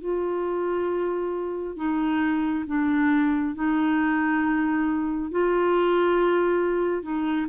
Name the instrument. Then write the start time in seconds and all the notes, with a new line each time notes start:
clarinet
0.00 F4
1.76 D#4
2.67 D4
3.55 D#4
5.31 F4
7.02 D#4